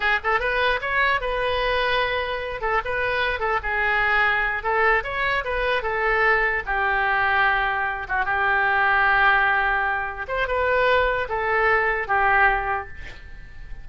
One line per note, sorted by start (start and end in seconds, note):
0.00 0.19 G#4
0.23 0.39 A4
0.39 0.80 B4
0.81 1.20 C#5
1.20 2.61 B4
2.61 2.81 A4
2.84 3.39 B4
3.39 3.59 A4
3.62 4.63 G#4
4.63 5.03 A4
5.03 5.44 C#5
5.44 5.82 B4
5.82 6.62 A4
6.66 8.07 G4
8.08 8.25 F#4
8.25 10.26 G4
10.28 10.47 C5
10.47 11.28 B4
11.28 12.07 A4
12.07 12.88 G4